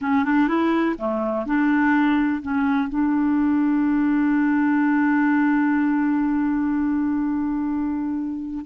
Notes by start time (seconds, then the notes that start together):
0.01 C#4
0.24 D4
0.47 E4
0.98 A3
1.46 D4
2.42 C#4
2.89 D4